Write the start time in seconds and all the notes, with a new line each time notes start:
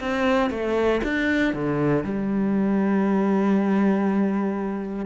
0.00 C4
0.50 A3
1.04 D4
1.53 D3
2.04 G3